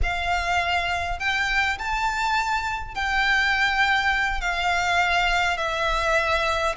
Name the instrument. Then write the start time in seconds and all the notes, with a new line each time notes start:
violin
0.02 F5
1.19 G5
1.78 A5
2.94 G5
4.40 F5
5.57 E5